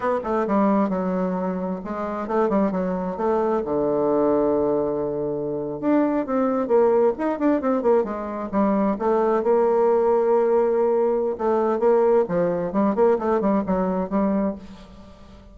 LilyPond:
\new Staff \with { instrumentName = "bassoon" } { \time 4/4 \tempo 4 = 132 b8 a8 g4 fis2 | gis4 a8 g8 fis4 a4 | d1~ | d8. d'4 c'4 ais4 dis'16~ |
dis'16 d'8 c'8 ais8 gis4 g4 a16~ | a8. ais2.~ ais16~ | ais4 a4 ais4 f4 | g8 ais8 a8 g8 fis4 g4 | }